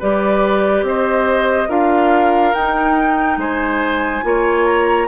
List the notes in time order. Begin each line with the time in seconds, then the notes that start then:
0.00 G3 G4 B4 D5
0.83 C4 C5 D#5
1.69 D4 F4 A#4 F5
2.54 D#4 G5
3.37 G#3 C5 G#5
4.23 A#3 F4 C#5
4.66 A#5